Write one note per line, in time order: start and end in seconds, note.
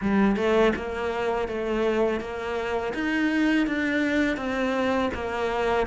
0.01 0.36 G3
0.36 0.73 A3
0.75 1.48 A#3
1.48 2.20 A3
2.20 2.93 A#3
2.94 3.67 D#4
3.67 4.37 D4
4.37 5.10 C4
5.14 5.87 A#3